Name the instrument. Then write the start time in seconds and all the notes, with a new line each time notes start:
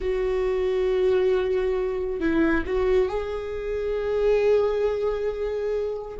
viola
0.00 F#4
2.20 E4
2.66 F#4
3.08 G#4